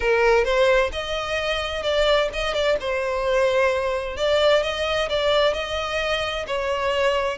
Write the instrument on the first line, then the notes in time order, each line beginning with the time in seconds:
violin
0.00 A#4
0.44 C5
0.92 D#5
1.83 D5
2.33 D#5
2.53 D5
2.80 C5
4.16 D5
4.62 D#5
5.09 D5
5.53 D#5
6.46 C#5